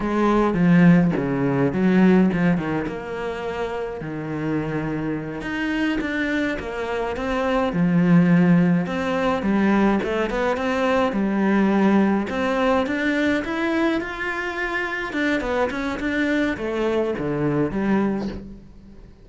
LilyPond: \new Staff \with { instrumentName = "cello" } { \time 4/4 \tempo 4 = 105 gis4 f4 cis4 fis4 | f8 dis8 ais2 dis4~ | dis4. dis'4 d'4 ais8~ | ais8 c'4 f2 c'8~ |
c'8 g4 a8 b8 c'4 g8~ | g4. c'4 d'4 e'8~ | e'8 f'2 d'8 b8 cis'8 | d'4 a4 d4 g4 | }